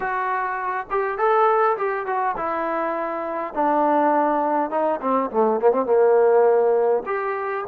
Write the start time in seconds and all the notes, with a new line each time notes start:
0.00 F#4
0.90 G4
1.18 A4
1.77 G4
2.06 F#4
2.37 E4
3.54 D4
4.70 D#4
5.01 C4
5.30 A3
5.60 A#3
5.71 C4
5.85 A#3
7.06 G4